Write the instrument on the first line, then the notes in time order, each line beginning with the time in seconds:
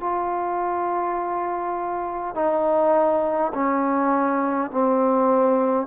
trombone
0.00 F4
2.35 D#4
3.53 C#4
4.71 C4